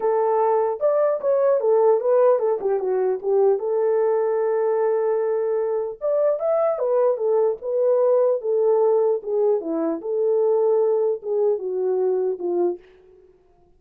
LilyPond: \new Staff \with { instrumentName = "horn" } { \time 4/4 \tempo 4 = 150 a'2 d''4 cis''4 | a'4 b'4 a'8 g'8 fis'4 | g'4 a'2.~ | a'2. d''4 |
e''4 b'4 a'4 b'4~ | b'4 a'2 gis'4 | e'4 a'2. | gis'4 fis'2 f'4 | }